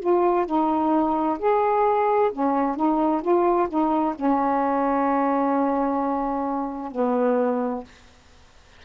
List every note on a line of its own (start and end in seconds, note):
0.00 0.46 F4
0.47 1.39 D#4
1.39 2.31 G#4
2.33 2.77 C#4
2.77 3.22 D#4
3.22 3.68 F4
3.69 4.15 D#4
4.15 6.92 C#4
6.92 7.84 B3